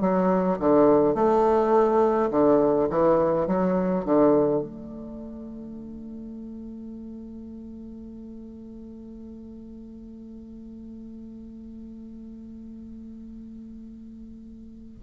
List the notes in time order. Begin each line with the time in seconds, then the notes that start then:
0.00 F#3
0.59 D3
1.14 A3
2.30 D3
2.90 E3
3.47 F#3
4.04 D3
4.62 A3